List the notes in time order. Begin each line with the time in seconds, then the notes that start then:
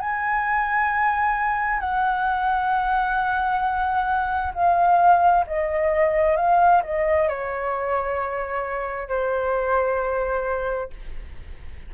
0.00 G#5
1.81 F#5
4.54 F5
5.47 D#5
6.37 F5
6.83 D#5
7.29 C#5
9.09 C5